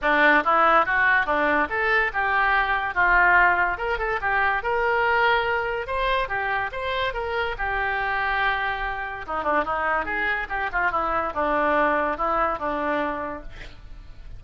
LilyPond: \new Staff \with { instrumentName = "oboe" } { \time 4/4 \tempo 4 = 143 d'4 e'4 fis'4 d'4 | a'4 g'2 f'4~ | f'4 ais'8 a'8 g'4 ais'4~ | ais'2 c''4 g'4 |
c''4 ais'4 g'2~ | g'2 dis'8 d'8 dis'4 | gis'4 g'8 f'8 e'4 d'4~ | d'4 e'4 d'2 | }